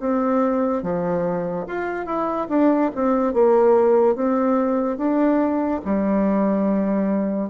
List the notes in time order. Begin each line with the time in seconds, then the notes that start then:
0.00 C4
0.83 F3
1.67 F4
2.06 E4
2.49 D4
2.95 C4
3.34 A#3
4.16 C4
4.98 D4
5.86 G3